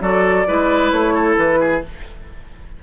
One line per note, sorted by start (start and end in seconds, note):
0.00 0.46 F#3
0.00 0.45 F#4
0.00 0.47 A4
0.00 0.91 D5
0.47 0.92 G#3
0.47 1.83 E4
0.47 1.14 B4
0.91 1.37 A3
0.91 1.36 C#5
1.14 1.59 A4
1.37 1.83 E3
1.37 1.82 B4
1.60 1.82 G#4